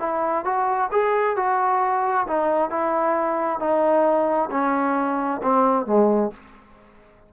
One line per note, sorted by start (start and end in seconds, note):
0.00 0.45 E4
0.45 0.90 F#4
0.92 1.37 G#4
1.37 2.27 F#4
2.28 2.70 D#4
2.70 3.60 E4
3.60 4.50 D#4
4.51 5.41 C#4
5.43 5.86 C4
5.86 6.32 G#3